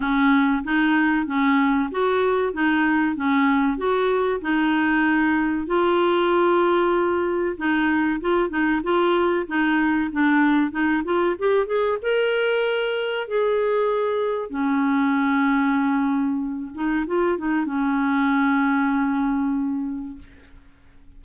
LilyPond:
\new Staff \with { instrumentName = "clarinet" } { \time 4/4 \tempo 4 = 95 cis'4 dis'4 cis'4 fis'4 | dis'4 cis'4 fis'4 dis'4~ | dis'4 f'2. | dis'4 f'8 dis'8 f'4 dis'4 |
d'4 dis'8 f'8 g'8 gis'8 ais'4~ | ais'4 gis'2 cis'4~ | cis'2~ cis'8 dis'8 f'8 dis'8 | cis'1 | }